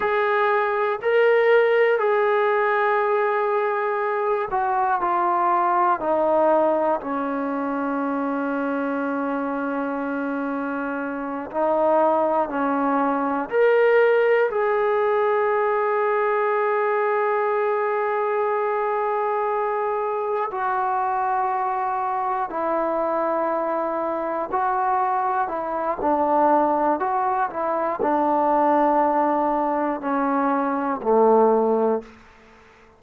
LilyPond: \new Staff \with { instrumentName = "trombone" } { \time 4/4 \tempo 4 = 60 gis'4 ais'4 gis'2~ | gis'8 fis'8 f'4 dis'4 cis'4~ | cis'2.~ cis'8 dis'8~ | dis'8 cis'4 ais'4 gis'4.~ |
gis'1~ | gis'8 fis'2 e'4.~ | e'8 fis'4 e'8 d'4 fis'8 e'8 | d'2 cis'4 a4 | }